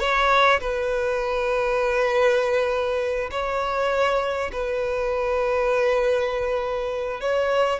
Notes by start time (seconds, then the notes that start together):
0.00 C#5
0.60 B4
3.31 C#5
4.52 B4
7.21 C#5